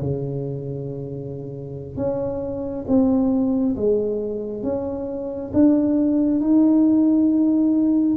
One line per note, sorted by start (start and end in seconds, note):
0.00 1.97 C#3
1.97 2.85 C#4
2.88 3.76 C4
3.76 4.63 G#3
4.63 5.51 C#4
5.53 6.41 D4
6.41 8.17 D#4